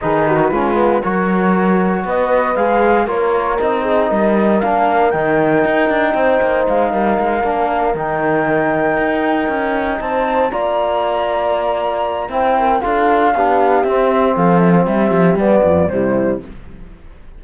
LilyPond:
<<
  \new Staff \with { instrumentName = "flute" } { \time 4/4 \tempo 4 = 117 b'2 cis''2 | dis''4 f''4 cis''4 dis''4~ | dis''4 f''4 g''2~ | g''4 f''2~ f''8 g''8~ |
g''2.~ g''8 a''8~ | a''8 ais''2.~ ais''8 | g''4 f''2 e''4 | f''8 e''16 f''16 e''4 d''4 c''4 | }
  \new Staff \with { instrumentName = "horn" } { \time 4/4 gis'8 fis'8 f'4 ais'2 | b'2 ais'4. gis'8 | ais'1 | c''4. ais'2~ ais'8~ |
ais'2.~ ais'8 c''8~ | c''8 d''2.~ d''8 | c''8 ais'8 a'4 g'2 | a'4 g'4. f'8 e'4 | }
  \new Staff \with { instrumentName = "trombone" } { \time 4/4 dis'4 cis'8 b8 fis'2~ | fis'4 gis'4 f'4 dis'4~ | dis'4 d'4 dis'2~ | dis'2~ dis'8 d'4 dis'8~ |
dis'1~ | dis'8 f'2.~ f'8 | e'4 f'4 d'4 c'4~ | c'2 b4 g4 | }
  \new Staff \with { instrumentName = "cello" } { \time 4/4 dis4 gis4 fis2 | b4 gis4 ais4 c'4 | g4 ais4 dis4 dis'8 d'8 | c'8 ais8 gis8 g8 gis8 ais4 dis8~ |
dis4. dis'4 cis'4 c'8~ | c'8 ais2.~ ais8 | c'4 d'4 b4 c'4 | f4 g8 f8 g8 f,8 c4 | }
>>